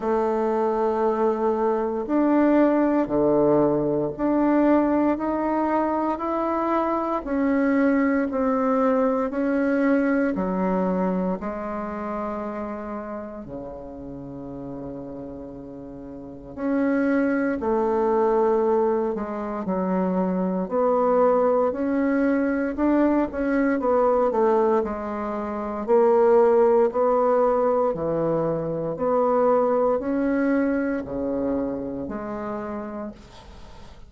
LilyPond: \new Staff \with { instrumentName = "bassoon" } { \time 4/4 \tempo 4 = 58 a2 d'4 d4 | d'4 dis'4 e'4 cis'4 | c'4 cis'4 fis4 gis4~ | gis4 cis2. |
cis'4 a4. gis8 fis4 | b4 cis'4 d'8 cis'8 b8 a8 | gis4 ais4 b4 e4 | b4 cis'4 cis4 gis4 | }